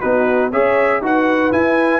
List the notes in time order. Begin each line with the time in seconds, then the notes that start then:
0.00 B3 D#4 F#4 B4
0.51 C#4 G#4 C#5 E5
1.01 D#4 F#4 B4 F#5
1.51 E4 G#5